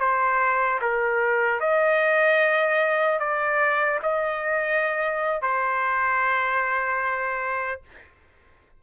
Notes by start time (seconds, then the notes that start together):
0.00 C5
0.81 A#4
1.60 D#5
3.20 D5
4.03 D#5
5.42 C5